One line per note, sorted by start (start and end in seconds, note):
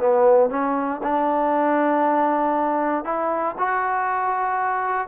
0.00 0.50 B3
0.50 1.01 C#4
1.04 3.05 D4
3.05 3.56 E4
3.59 5.08 F#4